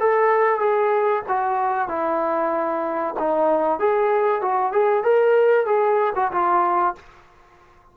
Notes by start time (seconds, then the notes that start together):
0.00 A4
0.59 G#4
1.28 F#4
1.88 E4
3.19 D#4
3.79 G#4
4.41 F#4
4.72 G#4
5.03 A#4
5.66 G#4
6.16 F#4
6.32 F4